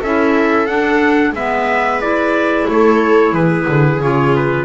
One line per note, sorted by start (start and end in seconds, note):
0.00 0.68 C#4
0.00 0.67 E4
0.00 1.33 A4
0.00 0.67 E5
0.67 1.34 D4
0.67 1.32 D4
0.67 1.34 F#5
1.32 2.66 G#3
1.32 2.02 B3
1.32 2.69 B4
1.32 2.01 E5
2.01 4.02 E4
2.01 2.67 D5
2.68 3.33 A3
2.68 3.33 A4
2.68 3.35 C#5
3.33 3.66 E3
3.33 4.65 G#4
3.33 4.01 B4
3.69 4.02 D3
4.02 4.65 C#3
4.02 4.65 F4
4.02 4.36 C#5
4.36 4.65 B4